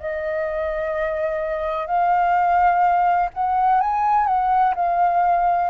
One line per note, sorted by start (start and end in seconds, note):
0.00 1.87 D#5
1.87 3.29 F5
3.34 3.81 F#5
3.81 4.27 G#5
4.27 4.74 F#5
4.75 5.70 F5